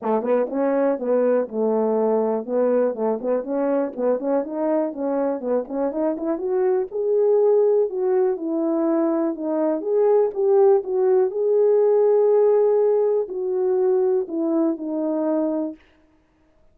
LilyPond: \new Staff \with { instrumentName = "horn" } { \time 4/4 \tempo 4 = 122 a8 b8 cis'4 b4 a4~ | a4 b4 a8 b8 cis'4 | b8 cis'8 dis'4 cis'4 b8 cis'8 | dis'8 e'8 fis'4 gis'2 |
fis'4 e'2 dis'4 | gis'4 g'4 fis'4 gis'4~ | gis'2. fis'4~ | fis'4 e'4 dis'2 | }